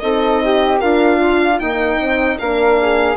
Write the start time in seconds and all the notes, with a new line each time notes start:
0.00 C4 D#4 A4 D#5
0.45 G4
0.79 D4 F4 A#4 F5
1.20 F4
1.60 A#3 D#4 G5
1.99 C4
2.39 A#3 D4 A#4 F5
2.82 G#4